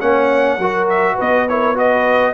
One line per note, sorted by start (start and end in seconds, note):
0.00 0.58 A#3
0.00 0.58 C#4
0.00 0.60 C#5
0.00 0.87 F#5
0.58 1.16 F#3
0.58 1.48 F#4
0.58 1.14 A#4
0.89 1.18 E5
1.14 2.33 B3
1.14 1.44 B4
1.14 1.48 D#5
1.48 1.75 E4
1.48 1.77 A#4
1.48 1.77 C#5
1.75 2.33 F#4
1.75 2.33 B4
1.75 2.33 D#5